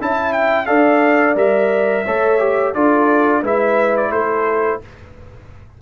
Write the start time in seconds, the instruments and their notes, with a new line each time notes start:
0.00 tuba C#4, trombone E4, horn E5, trumpet A5
0.32 trumpet G5
0.66 tuba D4, trombone A4, horn D5, trumpet F5
1.35 tuba G3, trombone A#4, trumpet E5
2.04 tuba A3, trombone A4, horn C#5
2.39 trombone G4
2.73 tuba D4, trombone F4, horn A4, trumpet D5
3.42 tuba G#3, trombone E4, horn B4, trumpet E5
3.97 trumpet D5
4.10 tuba A3, horn A4, trumpet C5